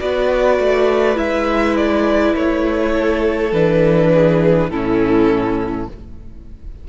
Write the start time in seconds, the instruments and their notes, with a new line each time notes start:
0.00 cello B3, viola F#4, violin B4 D5
0.59 cello A3
1.15 cello G#3, viola E4, violin E5
1.76 violin D5
2.35 cello A3, violin C#5
2.92 violin A4
3.52 cello E3, viola D4, violin B4
4.13 violin G#4
4.70 cello A2, viola C#4, violin E4 A4